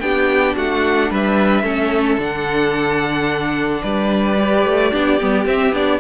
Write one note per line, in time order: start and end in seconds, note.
0.00 0.56 B3
0.00 1.64 D4
0.00 0.56 G4
0.00 0.55 G5
0.56 1.11 A3
0.56 1.11 F#4
0.56 1.12 F#5
1.11 1.63 G3
1.11 1.63 B4
1.11 2.22 E5
1.63 2.18 A3
1.63 2.19 C#4
1.63 3.82 A4
2.18 3.82 D3
2.18 4.37 D4
2.18 3.82 F#5
3.82 4.65 G3
3.82 4.91 B4
3.82 5.46 D5
4.38 4.92 G4
4.66 4.93 A3
4.91 5.21 B3
4.91 5.19 D4
4.91 6.00 G4
5.21 5.46 G3
5.21 5.45 B3
5.45 5.72 C4
5.45 5.75 E5
5.72 6.00 B3
5.72 6.00 D4
5.72 6.00 D5